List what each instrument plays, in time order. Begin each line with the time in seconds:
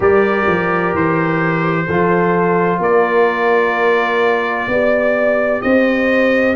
0.00 tuba G3, trombone G4, horn A#4, trumpet D5
0.47 tuba F3
0.94 tuba E3, trumpet C5
1.86 tuba F3, trombone F4, horn A4
2.79 tuba A#3, horn A#4, trumpet D5
4.67 tuba B3, trombone G4, horn D5
5.61 tuba C4, horn C5, trumpet D#5